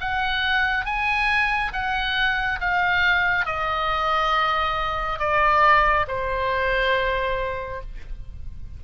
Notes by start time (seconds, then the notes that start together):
0.00 F#5
0.85 G#5
1.72 F#5
2.60 F5
3.45 D#5
5.19 D5
6.07 C5